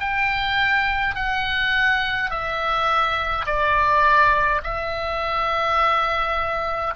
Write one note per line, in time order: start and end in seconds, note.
0.00 1.15 G5
1.15 2.30 F#5
2.30 3.46 E5
3.46 4.61 D5
4.63 6.94 E5